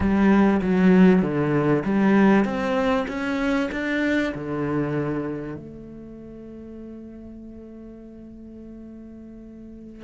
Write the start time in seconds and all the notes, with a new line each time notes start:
0.00 G3
0.62 F#3
1.21 D3
1.84 G3
2.44 C4
3.08 C#4
3.71 D4
4.34 D3
5.56 A3